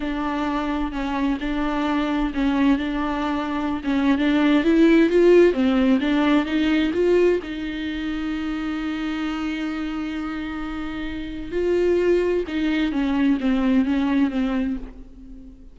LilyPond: \new Staff \with { instrumentName = "viola" } { \time 4/4 \tempo 4 = 130 d'2 cis'4 d'4~ | d'4 cis'4 d'2~ | d'16 cis'8. d'4 e'4 f'4 | c'4 d'4 dis'4 f'4 |
dis'1~ | dis'1~ | dis'4 f'2 dis'4 | cis'4 c'4 cis'4 c'4 | }